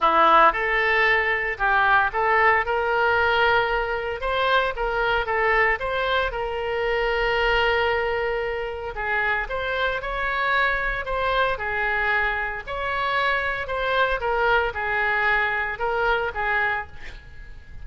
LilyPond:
\new Staff \with { instrumentName = "oboe" } { \time 4/4 \tempo 4 = 114 e'4 a'2 g'4 | a'4 ais'2. | c''4 ais'4 a'4 c''4 | ais'1~ |
ais'4 gis'4 c''4 cis''4~ | cis''4 c''4 gis'2 | cis''2 c''4 ais'4 | gis'2 ais'4 gis'4 | }